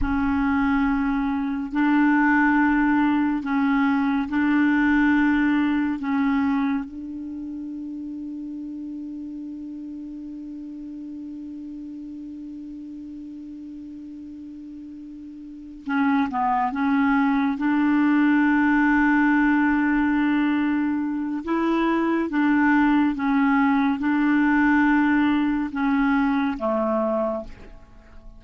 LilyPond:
\new Staff \with { instrumentName = "clarinet" } { \time 4/4 \tempo 4 = 70 cis'2 d'2 | cis'4 d'2 cis'4 | d'1~ | d'1~ |
d'2~ d'8 cis'8 b8 cis'8~ | cis'8 d'2.~ d'8~ | d'4 e'4 d'4 cis'4 | d'2 cis'4 a4 | }